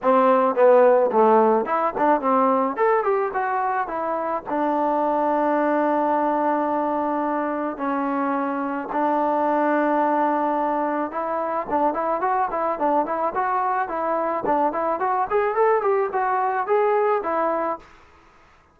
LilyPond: \new Staff \with { instrumentName = "trombone" } { \time 4/4 \tempo 4 = 108 c'4 b4 a4 e'8 d'8 | c'4 a'8 g'8 fis'4 e'4 | d'1~ | d'2 cis'2 |
d'1 | e'4 d'8 e'8 fis'8 e'8 d'8 e'8 | fis'4 e'4 d'8 e'8 fis'8 gis'8 | a'8 g'8 fis'4 gis'4 e'4 | }